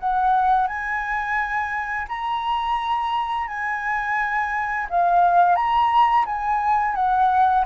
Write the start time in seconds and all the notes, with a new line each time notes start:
0.00 F#5
0.68 G#5
2.09 A#5
3.48 G#5
4.90 F5
5.56 A#5
6.26 G#5
6.95 F#5